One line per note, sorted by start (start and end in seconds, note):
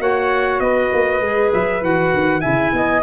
0.00 0.60 A#3
0.00 1.21 F#4
0.00 0.62 C#5
0.00 0.60 F#5
0.60 0.91 B3
0.60 2.41 B4
0.60 1.51 D#5
0.93 1.21 A#3
1.21 1.51 G#3
1.21 1.82 G#4
1.54 1.82 F#3
1.54 1.84 E5
1.82 2.13 E3
1.82 2.41 F#4
1.82 2.41 F#5
2.14 2.44 D#3
2.41 2.73 C#3
2.41 3.02 E4
2.41 2.71 E5
2.41 3.02 G#5
2.73 3.03 B3
2.73 3.04 D#5